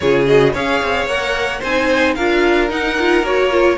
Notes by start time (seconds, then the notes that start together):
0.00 C#3 F4 G#4 C#5
0.26 F#4 D#5
0.52 C#4 G#4 C#5 F5
0.82 C4
1.06 A#3 A#4 F#5
1.59 C4 C5 G#5
1.66 D#4
2.14 D4 F4 A#4 F5
2.69 D#4 F#5
2.99 F4
3.22 A#3 F#4 C#5
3.50 F4